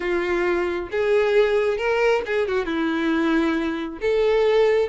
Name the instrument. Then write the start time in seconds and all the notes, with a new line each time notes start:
violin
0.00 F4
0.91 G#4
1.77 A#4
2.25 G#4
2.47 F#4
2.65 E4
4.01 A4